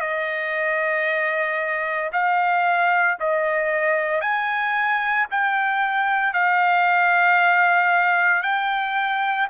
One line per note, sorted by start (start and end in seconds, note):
0.00 2.11 D#5
2.12 3.18 F5
3.20 4.21 D#5
4.21 5.26 G#5
5.31 6.33 G5
6.33 8.43 F5
8.43 9.48 G5